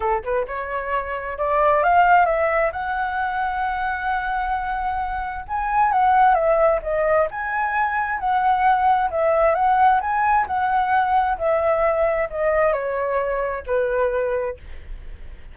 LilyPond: \new Staff \with { instrumentName = "flute" } { \time 4/4 \tempo 4 = 132 a'8 b'8 cis''2 d''4 | f''4 e''4 fis''2~ | fis''1 | gis''4 fis''4 e''4 dis''4 |
gis''2 fis''2 | e''4 fis''4 gis''4 fis''4~ | fis''4 e''2 dis''4 | cis''2 b'2 | }